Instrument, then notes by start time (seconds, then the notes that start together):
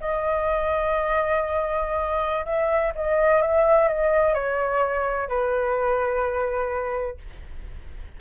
flute
0.00 D#5
2.45 E5
2.95 D#5
3.41 E5
3.88 D#5
4.34 C#5
5.28 B4